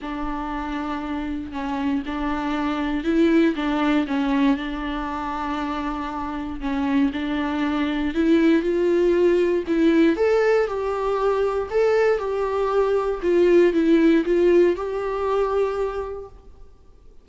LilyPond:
\new Staff \with { instrumentName = "viola" } { \time 4/4 \tempo 4 = 118 d'2. cis'4 | d'2 e'4 d'4 | cis'4 d'2.~ | d'4 cis'4 d'2 |
e'4 f'2 e'4 | a'4 g'2 a'4 | g'2 f'4 e'4 | f'4 g'2. | }